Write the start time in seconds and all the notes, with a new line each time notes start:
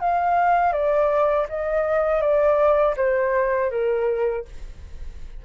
0.00 F5
0.72 D5
1.49 D#5
2.21 D5
2.96 C5
3.70 A#4